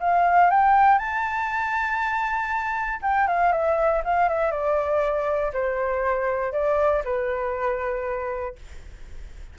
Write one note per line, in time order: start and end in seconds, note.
0.00 0.50 F5
0.50 0.98 G5
0.98 3.00 A5
3.02 3.27 G5
3.27 3.52 F5
3.52 4.02 E5
4.04 4.29 F5
4.29 4.51 E5
4.51 5.52 D5
5.53 6.52 C5
6.52 7.03 D5
7.04 8.56 B4